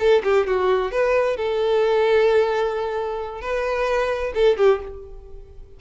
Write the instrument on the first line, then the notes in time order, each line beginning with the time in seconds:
violin
0.00 A4
0.24 G4
0.47 F#4
0.92 B4
1.37 A4
3.41 B4
4.35 A4
4.58 G4